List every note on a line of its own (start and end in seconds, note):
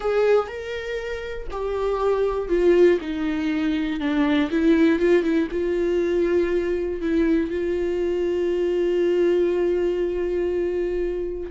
0.00 0.47 G#4
0.47 1.47 A#4
1.51 2.49 G4
2.49 2.99 F4
3.00 4.00 D#4
4.00 4.50 D4
4.50 4.99 E4
4.99 5.23 F4
5.23 5.48 E4
5.51 7.01 F4
7.01 7.50 E4
7.50 11.50 F4